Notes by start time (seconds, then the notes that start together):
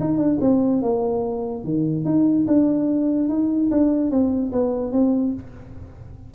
0.00 D#4
0.18 D4
0.41 C4
0.82 A#3
1.64 D#3
2.05 D#4
2.47 D4
3.29 D#4
3.71 D4
4.11 C4
4.52 B3
4.92 C4